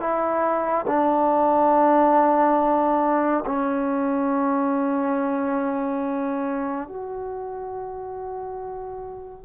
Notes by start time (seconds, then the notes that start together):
0.00 E4
0.87 D4
3.46 C#4
6.88 F#4